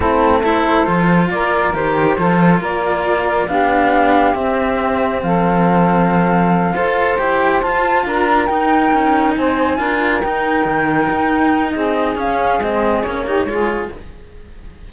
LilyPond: <<
  \new Staff \with { instrumentName = "flute" } { \time 4/4 \tempo 4 = 138 a'4 c''2 d''4 | c''2 d''2 | f''2 e''2 | f''1~ |
f''8 g''4 a''4 ais''4 g''8~ | g''4. gis''2 g''8~ | g''2. dis''4 | f''4 dis''4 cis''2 | }
  \new Staff \with { instrumentName = "saxophone" } { \time 4/4 e'4 a'2 ais'4~ | ais'4 a'4 ais'2 | g'1 | a'2.~ a'8 c''8~ |
c''2~ c''8 ais'4.~ | ais'4. c''4 ais'4.~ | ais'2. gis'4~ | gis'2~ gis'8 g'8 gis'4 | }
  \new Staff \with { instrumentName = "cello" } { \time 4/4 c'4 e'4 f'2 | g'4 f'2. | d'2 c'2~ | c'2.~ c'8 a'8~ |
a'8 g'4 f'2 dis'8~ | dis'2~ dis'8 f'4 dis'8~ | dis'1 | cis'4 c'4 cis'8 dis'8 f'4 | }
  \new Staff \with { instrumentName = "cello" } { \time 4/4 a2 f4 ais4 | dis4 f4 ais2 | b2 c'2 | f2.~ f8 f'8~ |
f'8 e'4 f'4 d'4 dis'8~ | dis'8 cis'4 c'4 d'4 dis'8~ | dis'8 dis4 dis'4. c'4 | cis'4 gis4 ais4 gis4 | }
>>